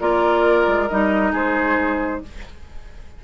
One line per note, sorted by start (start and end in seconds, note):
0.00 0.67 A#3
0.00 0.89 F4
0.00 1.32 A#4
0.00 0.89 D5
0.67 0.89 G#3
0.89 1.33 G3
0.89 2.23 D#4
0.89 1.33 D#5
1.32 2.22 G#3
1.32 2.21 G#4
1.32 2.24 C5